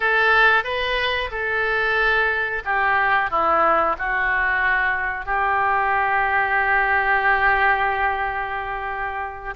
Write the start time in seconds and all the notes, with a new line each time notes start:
0.00 A4
0.64 B4
1.31 A4
2.64 G4
3.30 E4
3.98 F#4
5.25 G4